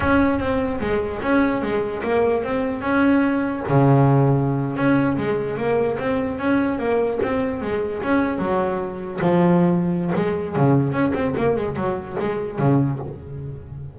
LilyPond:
\new Staff \with { instrumentName = "double bass" } { \time 4/4 \tempo 4 = 148 cis'4 c'4 gis4 cis'4 | gis4 ais4 c'4 cis'4~ | cis'4 cis2~ cis8. cis'16~ | cis'8. gis4 ais4 c'4 cis'16~ |
cis'8. ais4 c'4 gis4 cis'16~ | cis'8. fis2 f4~ f16~ | f4 gis4 cis4 cis'8 c'8 | ais8 gis8 fis4 gis4 cis4 | }